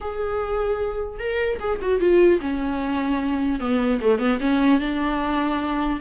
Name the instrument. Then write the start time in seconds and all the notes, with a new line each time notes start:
viola
0.00 G#4
1.19 A#4
1.59 G#4
1.81 F#4
2.00 F4
2.40 C#4
3.59 B3
4.01 A3
4.19 B3
4.40 C#4
4.80 D4